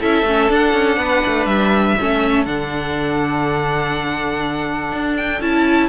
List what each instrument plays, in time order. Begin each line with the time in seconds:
0.00 cello C#4, viola E4, violin A4 E5
0.23 cello A3, viola C#4
0.49 cello D4, viola D4, violin F#5
0.73 cello C#4
0.97 cello B3, violin B4
1.26 cello A3
1.46 cello G3, violin E5
1.98 cello A3, viola C#4, violin A4
2.45 cello D3, viola D4, violin F#5
4.92 cello D4
5.17 violin G5
5.41 cello C#4, viola E4, violin A5